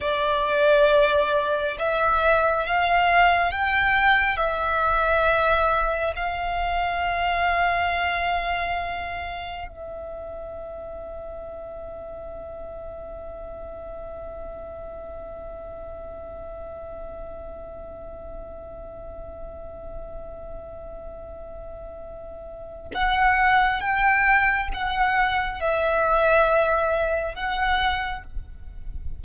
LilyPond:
\new Staff \with { instrumentName = "violin" } { \time 4/4 \tempo 4 = 68 d''2 e''4 f''4 | g''4 e''2 f''4~ | f''2. e''4~ | e''1~ |
e''1~ | e''1~ | e''2 fis''4 g''4 | fis''4 e''2 fis''4 | }